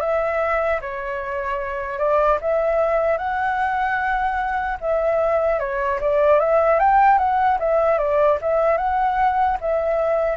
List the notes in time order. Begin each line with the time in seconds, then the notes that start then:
0.00 E5
0.81 C#5
1.99 D5
2.41 E5
3.17 F#5
4.80 E5
5.59 C#5
6.00 D5
6.39 E5
6.79 G5
7.18 F#5
7.59 E5
7.98 D5
8.41 E5
8.77 F#5
9.61 E5